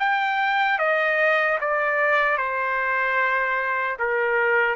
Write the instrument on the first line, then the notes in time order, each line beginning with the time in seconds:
trumpet
0.00 G5
0.79 D#5
1.61 D5
2.38 C5
4.00 A#4